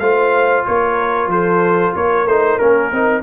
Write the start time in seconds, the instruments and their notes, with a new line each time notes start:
0.00 tuba A3, trombone F4, horn C5, trumpet F5
0.66 tuba A#3, horn A#4, trumpet C#5
1.28 tuba F3, horn A4, trumpet C5
1.96 tuba A#3, horn A#4, trumpet C#5
2.26 tuba A3, trombone D#4, trumpet C5
2.59 tuba A#3, trombone C#4, trumpet A#4
2.92 tuba C4, trombone D#4